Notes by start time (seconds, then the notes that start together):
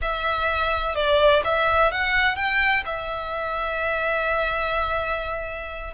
0.01 E5
0.95 D5
1.44 E5
1.91 F#5
2.36 G5
2.85 E5